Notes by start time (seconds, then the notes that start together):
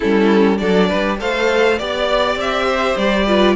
0.00 G3 C#4 E4 A4
0.57 F#3 D4 A4 D5
0.88 G3 B4
1.18 A3 A4 C5 F5
1.78 B3 G4 D5
2.35 C4 E5
2.66 C5
2.96 G3 D5
3.26 F4 B4